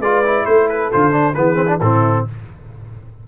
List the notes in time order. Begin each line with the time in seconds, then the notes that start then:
0.00 G#3 F4 B4 D5
0.25 E4
0.46 A3 A4 C5
0.69 B4
0.92 D3 F4 C5
1.12 D4
1.35 E3 B3 G#4 B4
1.56 C4
1.67 D4
1.81 A2 C4 E4 A4